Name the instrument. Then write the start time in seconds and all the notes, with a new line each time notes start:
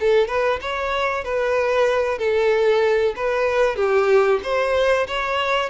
violin
0.00 A4
0.28 B4
0.62 C#5
1.24 B4
2.19 A4
3.16 B4
3.76 G4
4.43 C5
5.07 C#5